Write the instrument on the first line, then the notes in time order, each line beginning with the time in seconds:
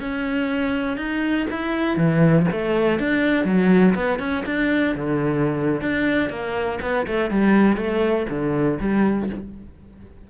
cello
0.00 C#4
0.97 D#4
1.50 E4
1.97 E3
2.52 A3
2.99 D4
3.45 F#3
3.95 B3
4.19 C#4
4.46 D4
4.95 D3
5.81 D4
6.30 A#3
6.81 B3
7.07 A3
7.30 G3
7.77 A3
8.29 D3
8.80 G3